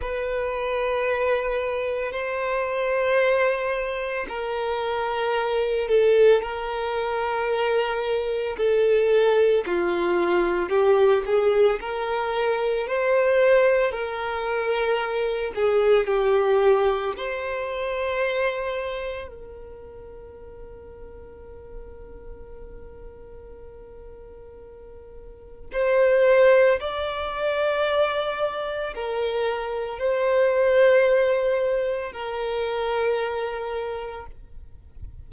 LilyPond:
\new Staff \with { instrumentName = "violin" } { \time 4/4 \tempo 4 = 56 b'2 c''2 | ais'4. a'8 ais'2 | a'4 f'4 g'8 gis'8 ais'4 | c''4 ais'4. gis'8 g'4 |
c''2 ais'2~ | ais'1 | c''4 d''2 ais'4 | c''2 ais'2 | }